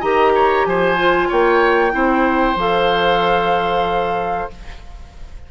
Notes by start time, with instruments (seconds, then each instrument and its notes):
0.00 bassoon D#3, clarinet G4, oboe D#5, flute A#5
0.35 oboe C#5
0.65 bassoon F3, oboe C5, flute G#5
0.98 clarinet F4
1.28 bassoon A#3, oboe C#5, flute G5
1.91 bassoon C4, clarinet E4, oboe C5
2.55 bassoon F3, clarinet A4, flute F5